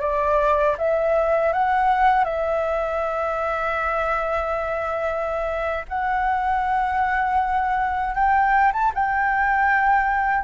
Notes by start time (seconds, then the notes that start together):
0.00 D5
0.78 E5
1.53 F#5
2.24 E5
5.88 F#5
8.14 G5
8.73 A5
8.94 G5